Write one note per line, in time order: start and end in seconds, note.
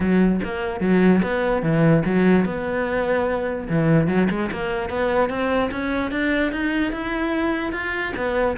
0.00 0.40 F#3
0.44 0.80 A#3
0.80 1.21 F#3
1.22 1.62 B3
1.62 2.03 E3
2.05 2.45 F#3
2.45 3.67 B3
3.69 4.07 E3
4.07 4.28 F#3
4.29 4.50 G#3
4.51 4.89 A#3
4.89 5.29 B3
5.29 5.70 C4
5.71 6.11 C#4
6.11 6.51 D4
6.52 6.92 D#4
6.92 7.72 E4
7.72 8.13 F4
8.16 8.57 B3